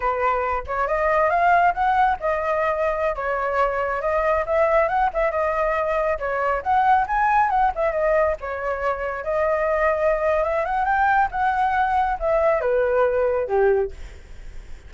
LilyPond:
\new Staff \with { instrumentName = "flute" } { \time 4/4 \tempo 4 = 138 b'4. cis''8 dis''4 f''4 | fis''4 dis''2~ dis''16 cis''8.~ | cis''4~ cis''16 dis''4 e''4 fis''8 e''16~ | e''16 dis''2 cis''4 fis''8.~ |
fis''16 gis''4 fis''8 e''8 dis''4 cis''8.~ | cis''4~ cis''16 dis''2~ dis''8. | e''8 fis''8 g''4 fis''2 | e''4 b'2 g'4 | }